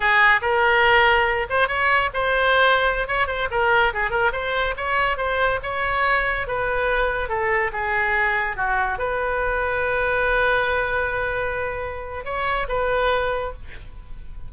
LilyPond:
\new Staff \with { instrumentName = "oboe" } { \time 4/4 \tempo 4 = 142 gis'4 ais'2~ ais'8 c''8 | cis''4 c''2~ c''16 cis''8 c''16~ | c''16 ais'4 gis'8 ais'8 c''4 cis''8.~ | cis''16 c''4 cis''2 b'8.~ |
b'4~ b'16 a'4 gis'4.~ gis'16~ | gis'16 fis'4 b'2~ b'8.~ | b'1~ | b'4 cis''4 b'2 | }